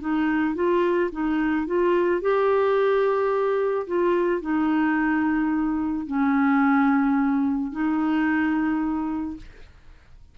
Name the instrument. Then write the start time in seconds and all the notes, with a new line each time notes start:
clarinet
0.00 D#4
0.55 F4
1.12 D#4
1.66 F4
2.21 G4
3.87 F4
4.41 D#4
6.07 C#4
7.72 D#4